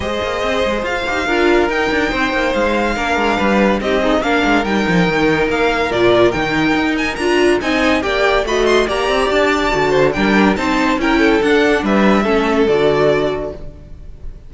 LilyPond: <<
  \new Staff \with { instrumentName = "violin" } { \time 4/4 \tempo 4 = 142 dis''2 f''2 | g''2 f''2~ | f''4 dis''4 f''4 g''4~ | g''4 f''4 d''4 g''4~ |
g''8 gis''8 ais''4 gis''4 g''4 | b''8 c'''8 ais''4 a''2 | g''4 a''4 g''4 fis''4 | e''2 d''2 | }
  \new Staff \with { instrumentName = "violin" } { \time 4/4 c''2. ais'4~ | ais'4 c''2 ais'4 | b'4 g'8 dis'8 ais'2~ | ais'1~ |
ais'2 dis''4 d''4 | dis''4 d''2~ d''8 c''8 | ais'4 c''4 ais'8 a'4. | b'4 a'2. | }
  \new Staff \with { instrumentName = "viola" } { \time 4/4 gis'2~ gis'8 g'8 f'4 | dis'2. d'4~ | d'4 dis'8 gis'8 d'4 dis'4~ | dis'2 f'4 dis'4~ |
dis'4 f'4 dis'4 g'4 | fis'4 g'2 fis'4 | d'4 dis'4 e'4 d'4~ | d'4 cis'4 fis'2 | }
  \new Staff \with { instrumentName = "cello" } { \time 4/4 gis8 ais8 c'8 gis8 f'8 dis'8 d'4 | dis'8 d'8 c'8 ais8 gis4 ais8 gis8 | g4 c'4 ais8 gis8 g8 f8 | dis4 ais4 ais,4 dis4 |
dis'4 d'4 c'4 ais4 | a4 ais8 c'8 d'4 d4 | g4 c'4 cis'4 d'4 | g4 a4 d2 | }
>>